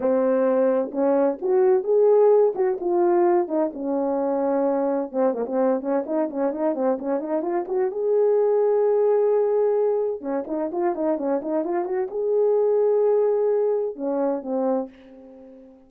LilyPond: \new Staff \with { instrumentName = "horn" } { \time 4/4 \tempo 4 = 129 c'2 cis'4 fis'4 | gis'4. fis'8 f'4. dis'8 | cis'2. c'8 ais16 c'16~ | c'8 cis'8 dis'8 cis'8 dis'8 c'8 cis'8 dis'8 |
f'8 fis'8 gis'2.~ | gis'2 cis'8 dis'8 f'8 dis'8 | cis'8 dis'8 f'8 fis'8 gis'2~ | gis'2 cis'4 c'4 | }